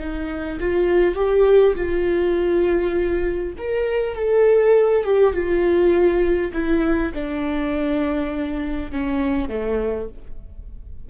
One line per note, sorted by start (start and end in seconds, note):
0.00 0.59 D#4
0.60 1.16 F4
1.16 1.75 G4
1.76 3.54 F4
3.58 4.16 A#4
4.16 5.05 A4
5.05 5.34 G4
5.34 6.52 F4
6.53 7.13 E4
7.14 8.92 D4
8.92 9.49 C#4
9.49 10.09 A3